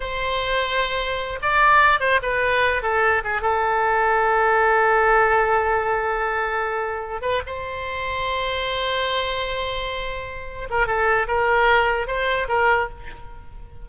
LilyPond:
\new Staff \with { instrumentName = "oboe" } { \time 4/4 \tempo 4 = 149 c''2.~ c''8 d''8~ | d''4 c''8 b'4. a'4 | gis'8 a'2.~ a'8~ | a'1~ |
a'2 b'8 c''4.~ | c''1~ | c''2~ c''8 ais'8 a'4 | ais'2 c''4 ais'4 | }